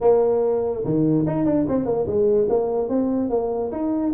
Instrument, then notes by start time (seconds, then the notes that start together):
tuba
0.01 A#3
0.84 D#3
1.26 D#4
1.45 D4
1.68 C4
1.85 A#3
2.06 G#3
2.49 A#3
2.88 C4
3.29 A#3
3.71 D#4